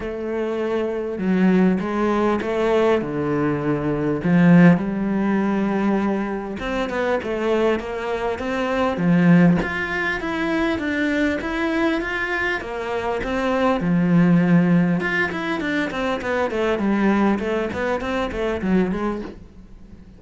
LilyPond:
\new Staff \with { instrumentName = "cello" } { \time 4/4 \tempo 4 = 100 a2 fis4 gis4 | a4 d2 f4 | g2. c'8 b8 | a4 ais4 c'4 f4 |
f'4 e'4 d'4 e'4 | f'4 ais4 c'4 f4~ | f4 f'8 e'8 d'8 c'8 b8 a8 | g4 a8 b8 c'8 a8 fis8 gis8 | }